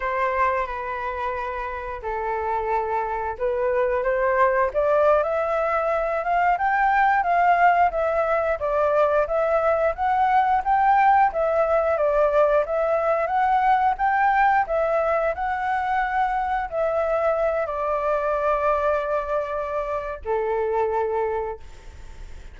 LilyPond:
\new Staff \with { instrumentName = "flute" } { \time 4/4 \tempo 4 = 89 c''4 b'2 a'4~ | a'4 b'4 c''4 d''8. e''16~ | e''4~ e''16 f''8 g''4 f''4 e''16~ | e''8. d''4 e''4 fis''4 g''16~ |
g''8. e''4 d''4 e''4 fis''16~ | fis''8. g''4 e''4 fis''4~ fis''16~ | fis''8. e''4. d''4.~ d''16~ | d''2 a'2 | }